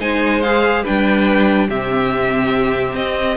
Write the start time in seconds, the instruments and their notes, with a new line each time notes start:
0.00 cello G#3, viola D#4, violin C5 G#5
0.42 viola G#4, violin F5
0.83 cello G3, viola D4, violin B4 G5
1.69 cello C3, viola C4, violin G4 E5
2.95 cello C4, violin D#5